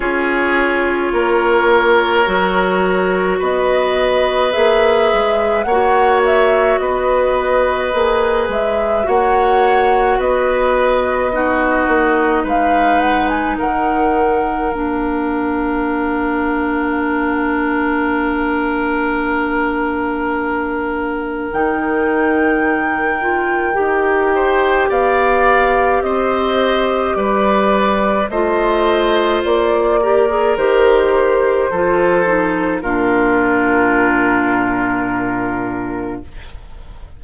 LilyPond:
<<
  \new Staff \with { instrumentName = "flute" } { \time 4/4 \tempo 4 = 53 cis''2. dis''4 | e''4 fis''8 e''8 dis''4. e''8 | fis''4 dis''2 f''8 fis''16 gis''16 | fis''4 f''2.~ |
f''2. g''4~ | g''2 f''4 dis''4 | d''4 dis''4 d''4 c''4~ | c''4 ais'2. | }
  \new Staff \with { instrumentName = "oboe" } { \time 4/4 gis'4 ais'2 b'4~ | b'4 cis''4 b'2 | cis''4 b'4 fis'4 b'4 | ais'1~ |
ais'1~ | ais'4. c''8 d''4 c''4 | b'4 c''4. ais'4. | a'4 f'2. | }
  \new Staff \with { instrumentName = "clarinet" } { \time 4/4 f'2 fis'2 | gis'4 fis'2 gis'4 | fis'2 dis'2~ | dis'4 d'2.~ |
d'2. dis'4~ | dis'8 f'8 g'2.~ | g'4 f'4. g'16 gis'16 g'4 | f'8 dis'8 d'2. | }
  \new Staff \with { instrumentName = "bassoon" } { \time 4/4 cis'4 ais4 fis4 b4 | ais8 gis8 ais4 b4 ais8 gis8 | ais4 b4. ais8 gis4 | dis4 ais2.~ |
ais2. dis4~ | dis4 dis'4 b4 c'4 | g4 a4 ais4 dis4 | f4 ais,2. | }
>>